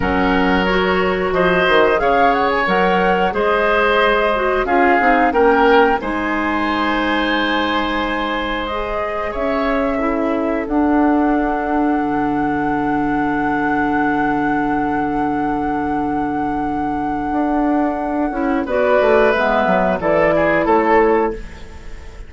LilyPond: <<
  \new Staff \with { instrumentName = "flute" } { \time 4/4 \tempo 4 = 90 fis''4 cis''4 dis''4 f''8 fis''16 gis''16 | fis''4 dis''2 f''4 | g''4 gis''2.~ | gis''4 dis''4 e''2 |
fis''1~ | fis''1~ | fis''1 | d''4 e''4 d''4 cis''4 | }
  \new Staff \with { instrumentName = "oboe" } { \time 4/4 ais'2 c''4 cis''4~ | cis''4 c''2 gis'4 | ais'4 c''2.~ | c''2 cis''4 a'4~ |
a'1~ | a'1~ | a'1 | b'2 a'8 gis'8 a'4 | }
  \new Staff \with { instrumentName = "clarinet" } { \time 4/4 cis'4 fis'2 gis'4 | ais'4 gis'4. fis'8 f'8 dis'8 | cis'4 dis'2.~ | dis'4 gis'2 e'4 |
d'1~ | d'1~ | d'2.~ d'8 e'8 | fis'4 b4 e'2 | }
  \new Staff \with { instrumentName = "bassoon" } { \time 4/4 fis2 f8 dis8 cis4 | fis4 gis2 cis'8 c'8 | ais4 gis2.~ | gis2 cis'2 |
d'2 d2~ | d1~ | d2 d'4. cis'8 | b8 a8 gis8 fis8 e4 a4 | }
>>